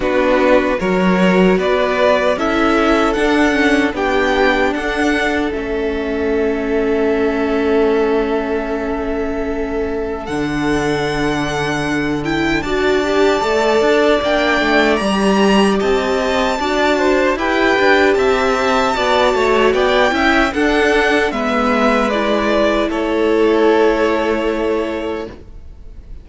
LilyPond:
<<
  \new Staff \with { instrumentName = "violin" } { \time 4/4 \tempo 4 = 76 b'4 cis''4 d''4 e''4 | fis''4 g''4 fis''4 e''4~ | e''1~ | e''4 fis''2~ fis''8 g''8 |
a''2 g''4 ais''4 | a''2 g''4 a''4~ | a''4 g''4 fis''4 e''4 | d''4 cis''2. | }
  \new Staff \with { instrumentName = "violin" } { \time 4/4 fis'4 ais'4 b'4 a'4~ | a'4 g'4 a'2~ | a'1~ | a'1 |
d''1 | dis''4 d''8 c''8 b'4 e''4 | d''8 cis''8 d''8 e''8 a'4 b'4~ | b'4 a'2. | }
  \new Staff \with { instrumentName = "viola" } { \time 4/4 d'4 fis'2 e'4 | d'8 cis'8 d'2 cis'4~ | cis'1~ | cis'4 d'2~ d'8 e'8 |
fis'8 g'8 a'4 d'4 g'4~ | g'4 fis'4 g'2 | fis'4. e'8 d'4 b4 | e'1 | }
  \new Staff \with { instrumentName = "cello" } { \time 4/4 b4 fis4 b4 cis'4 | d'4 b4 d'4 a4~ | a1~ | a4 d2. |
d'4 a8 d'8 ais8 a8 g4 | c'4 d'4 e'8 d'8 c'4 | b8 a8 b8 cis'8 d'4 gis4~ | gis4 a2. | }
>>